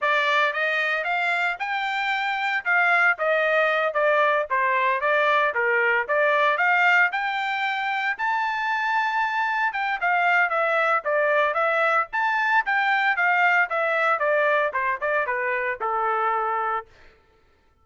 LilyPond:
\new Staff \with { instrumentName = "trumpet" } { \time 4/4 \tempo 4 = 114 d''4 dis''4 f''4 g''4~ | g''4 f''4 dis''4. d''8~ | d''8 c''4 d''4 ais'4 d''8~ | d''8 f''4 g''2 a''8~ |
a''2~ a''8 g''8 f''4 | e''4 d''4 e''4 a''4 | g''4 f''4 e''4 d''4 | c''8 d''8 b'4 a'2 | }